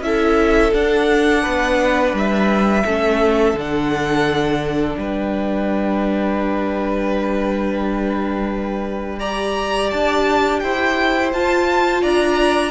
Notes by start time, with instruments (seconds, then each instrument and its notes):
0.00 cello C#4, viola E4, violin A4 E5
0.72 viola D4, cello D4, violin F#5
1.42 cello B3, violin B4
2.13 cello G3, violin E5
2.85 cello A3, viola C#4, violin A4
3.53 cello D3, viola D4
3.60 violin F#5
4.96 cello G3, violin B4 G5
9.19 viola G4, violin D5 A#5
9.90 cello D4, violin A5
10.59 cello E4, violin C5 G5
11.32 viola F4, cello F4, violin A5
12.01 cello D4, violin D5 A#5